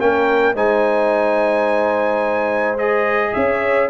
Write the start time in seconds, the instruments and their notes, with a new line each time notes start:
0.00 tuba A#3, trombone C#4, horn A#4, trumpet G5
0.55 tuba G#3, trombone D#4, horn C5, trumpet G#5
2.78 trombone G#4, trumpet D#5
3.34 tuba C#4, horn C#5, trumpet E5